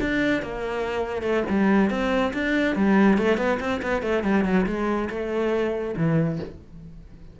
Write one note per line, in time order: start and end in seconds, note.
0.00 0.42 D4
0.42 1.22 A#3
1.22 1.43 A3
1.49 1.90 G3
1.90 2.32 C4
2.33 2.76 D4
2.76 3.18 G3
3.18 3.37 A3
3.37 3.58 B3
3.60 3.81 C4
3.82 4.02 B3
4.02 4.23 A3
4.23 4.44 G3
4.44 4.66 F#3
4.66 5.09 G#3
5.09 5.95 A3
5.97 6.39 E3